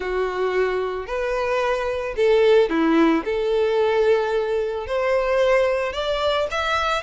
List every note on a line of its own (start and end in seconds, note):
0.00 1.06 F#4
1.06 2.14 B4
2.16 2.69 A4
2.69 3.23 E4
3.25 4.86 A4
4.86 5.93 C5
5.93 6.47 D5
6.50 7.02 E5